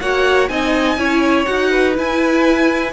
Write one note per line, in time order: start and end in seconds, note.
0.00 0.49 A#3
0.00 0.49 F#4
0.00 0.49 C#5
0.00 0.48 F#5
0.48 0.97 C4
0.48 0.97 D#4
0.48 0.98 D#5
0.48 1.45 G#5
0.97 1.46 C#4
0.97 1.46 E4
0.97 1.70 C#5
1.45 1.98 D#4
1.45 1.95 F#4
1.45 1.93 F#5
1.70 2.92 B4
1.95 2.92 E4
1.95 2.92 G#5